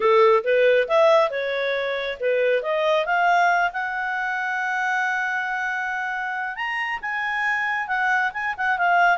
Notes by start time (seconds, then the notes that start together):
0.00 A4
0.43 B4
0.88 E5
1.30 C#5
2.20 B4
2.62 D#5
3.05 F5
3.72 F#5
6.56 A#5
7.01 G#5
7.87 F#5
8.33 G#5
8.57 F#5
8.78 F5